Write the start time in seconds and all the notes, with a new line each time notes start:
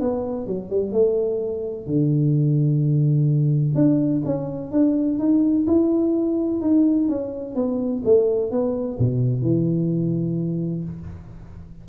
0.00 B3
0.46 F#3
0.70 G3
0.92 A3
1.86 D3
3.75 D4
4.25 C#4
4.71 D4
5.18 D#4
5.67 E4
6.61 D#4
7.08 C#4
7.55 B3
8.05 A3
8.51 B3
8.98 B2
9.42 E3